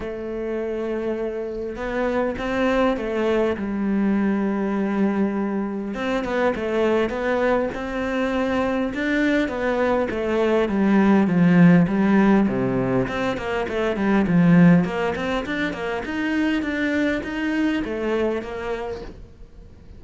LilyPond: \new Staff \with { instrumentName = "cello" } { \time 4/4 \tempo 4 = 101 a2. b4 | c'4 a4 g2~ | g2 c'8 b8 a4 | b4 c'2 d'4 |
b4 a4 g4 f4 | g4 c4 c'8 ais8 a8 g8 | f4 ais8 c'8 d'8 ais8 dis'4 | d'4 dis'4 a4 ais4 | }